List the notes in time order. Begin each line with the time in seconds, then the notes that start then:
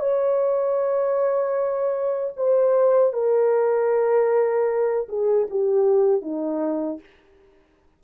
0.00 C#5
2.37 C5
3.13 A#4
5.09 G#4
5.50 G4
6.22 D#4